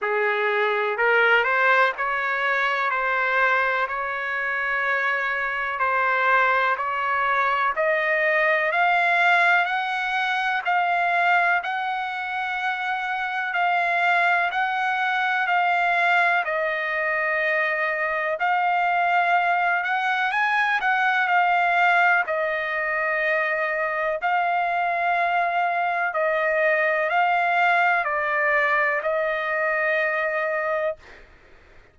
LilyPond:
\new Staff \with { instrumentName = "trumpet" } { \time 4/4 \tempo 4 = 62 gis'4 ais'8 c''8 cis''4 c''4 | cis''2 c''4 cis''4 | dis''4 f''4 fis''4 f''4 | fis''2 f''4 fis''4 |
f''4 dis''2 f''4~ | f''8 fis''8 gis''8 fis''8 f''4 dis''4~ | dis''4 f''2 dis''4 | f''4 d''4 dis''2 | }